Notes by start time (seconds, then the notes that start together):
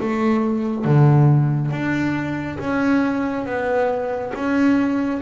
0.00 A3
0.84 D3
1.71 D4
2.58 C#4
3.45 B3
4.34 C#4